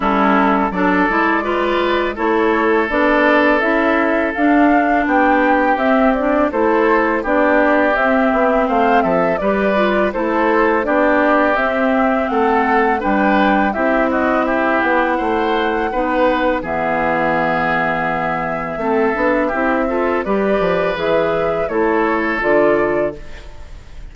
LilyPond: <<
  \new Staff \with { instrumentName = "flute" } { \time 4/4 \tempo 4 = 83 a'4 d''2 cis''4 | d''4 e''4 f''4 g''4 | e''8 d''8 c''4 d''4 e''4 | f''8 e''8 d''4 c''4 d''4 |
e''4 fis''4 g''4 e''8 dis''8 | e''8 fis''2~ fis''8 e''4~ | e''1 | d''4 e''4 cis''4 d''4 | }
  \new Staff \with { instrumentName = "oboe" } { \time 4/4 e'4 a'4 b'4 a'4~ | a'2. g'4~ | g'4 a'4 g'2 | c''8 a'8 b'4 a'4 g'4~ |
g'4 a'4 b'4 g'8 fis'8 | g'4 c''4 b'4 gis'4~ | gis'2 a'4 g'8 a'8 | b'2 a'2 | }
  \new Staff \with { instrumentName = "clarinet" } { \time 4/4 cis'4 d'8 e'8 f'4 e'4 | d'4 e'4 d'2 | c'8 d'8 e'4 d'4 c'4~ | c'4 g'8 f'8 e'4 d'4 |
c'2 d'4 e'4~ | e'2 dis'4 b4~ | b2 c'8 d'8 e'8 f'8 | g'4 gis'4 e'4 f'4 | }
  \new Staff \with { instrumentName = "bassoon" } { \time 4/4 g4 fis8 gis4. a4 | b4 cis'4 d'4 b4 | c'4 a4 b4 c'8 b8 | a8 f8 g4 a4 b4 |
c'4 a4 g4 c'4~ | c'8 b8 a4 b4 e4~ | e2 a8 b8 c'4 | g8 f8 e4 a4 d4 | }
>>